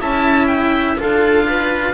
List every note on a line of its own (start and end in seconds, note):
0.00 0.98 C#4
0.00 0.96 E4
0.00 0.98 E5
0.00 0.47 A5
0.47 0.96 G5
0.96 1.94 D4
0.96 1.93 F4
0.96 1.47 A4
0.96 1.94 F5
1.47 1.94 B4